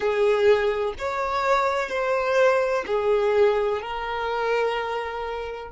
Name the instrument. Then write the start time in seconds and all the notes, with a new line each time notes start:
violin
0.00 G#4
0.98 C#5
1.89 C5
2.86 G#4
3.81 A#4